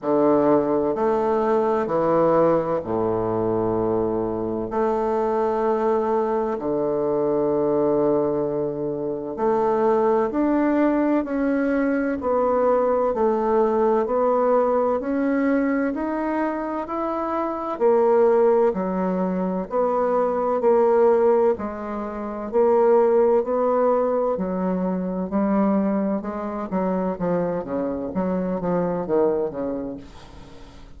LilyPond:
\new Staff \with { instrumentName = "bassoon" } { \time 4/4 \tempo 4 = 64 d4 a4 e4 a,4~ | a,4 a2 d4~ | d2 a4 d'4 | cis'4 b4 a4 b4 |
cis'4 dis'4 e'4 ais4 | fis4 b4 ais4 gis4 | ais4 b4 fis4 g4 | gis8 fis8 f8 cis8 fis8 f8 dis8 cis8 | }